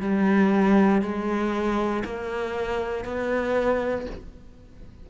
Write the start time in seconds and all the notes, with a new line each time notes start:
0.00 G3
1.02 G#3
2.05 A#3
3.05 B3